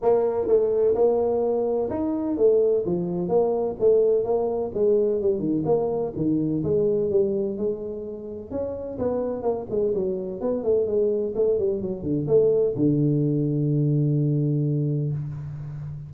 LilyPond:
\new Staff \with { instrumentName = "tuba" } { \time 4/4 \tempo 4 = 127 ais4 a4 ais2 | dis'4 a4 f4 ais4 | a4 ais4 gis4 g8 dis8 | ais4 dis4 gis4 g4 |
gis2 cis'4 b4 | ais8 gis8 fis4 b8 a8 gis4 | a8 g8 fis8 d8 a4 d4~ | d1 | }